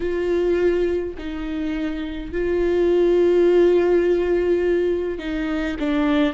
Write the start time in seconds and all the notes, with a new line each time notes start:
0.00 F4
1.17 D#4
2.31 F4
5.18 D#4
5.78 D4